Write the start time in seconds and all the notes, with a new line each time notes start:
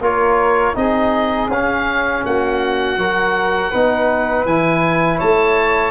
0.00 A#3 F4 A#4 C#5
0.74 C4 D#4 G#4 D#5
1.48 C#4 F5
2.25 A#3 F#4 F#5
2.97 F#3 F#4 A#4
3.70 B3 D#4 B4
4.45 E3 E4 G#5
5.18 A3 C#5 A5